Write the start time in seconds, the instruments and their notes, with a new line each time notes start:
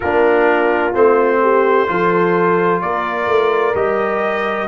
0.00 tuba A#3, trombone D4, horn F4, trumpet A#4
0.93 tuba A3, trombone C4, trumpet C5
1.41 horn G4
1.87 tuba F3, trombone F4, horn A4
2.81 tuba A#3, horn A#4, trumpet D5
3.27 tuba A3
3.74 tuba G3, trombone G4, trumpet D#5